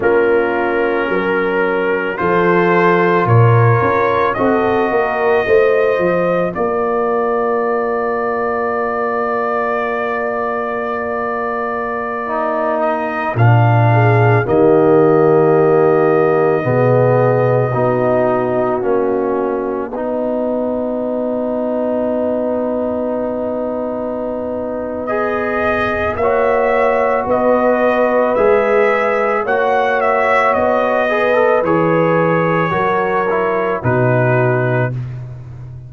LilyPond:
<<
  \new Staff \with { instrumentName = "trumpet" } { \time 4/4 \tempo 4 = 55 ais'2 c''4 cis''4 | dis''2 d''2~ | d''2.~ d''8. dis''16~ | dis''16 f''4 dis''2~ dis''8.~ |
dis''4~ dis''16 fis''2~ fis''8.~ | fis''2. dis''4 | e''4 dis''4 e''4 fis''8 e''8 | dis''4 cis''2 b'4 | }
  \new Staff \with { instrumentName = "horn" } { \time 4/4 f'4 ais'4 a'4 ais'4 | a'8 ais'8 c''4 ais'2~ | ais'1~ | ais'8. gis'8 g'2 gis'8.~ |
gis'16 fis'2 b'4.~ b'16~ | b'1 | cis''4 b'2 cis''4~ | cis''8 b'4. ais'4 fis'4 | }
  \new Staff \with { instrumentName = "trombone" } { \time 4/4 cis'2 f'2 | fis'4 f'2.~ | f'2.~ f'16 dis'8.~ | dis'16 d'4 ais2 b8.~ |
b16 dis'4 cis'4 dis'4.~ dis'16~ | dis'2. gis'4 | fis'2 gis'4 fis'4~ | fis'8 gis'16 a'16 gis'4 fis'8 e'8 dis'4 | }
  \new Staff \with { instrumentName = "tuba" } { \time 4/4 ais4 fis4 f4 ais,8 cis'8 | c'8 ais8 a8 f8 ais2~ | ais1~ | ais16 ais,4 dis2 b,8.~ |
b,16 b4 ais4 b4.~ b16~ | b1 | ais4 b4 gis4 ais4 | b4 e4 fis4 b,4 | }
>>